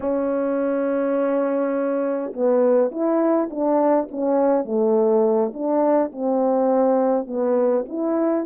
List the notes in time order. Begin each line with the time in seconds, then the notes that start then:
0.00 C#4
2.33 B3
2.91 E4
3.50 D4
4.11 C#4
4.64 A3
5.53 D4
6.12 C4
7.27 B3
7.88 E4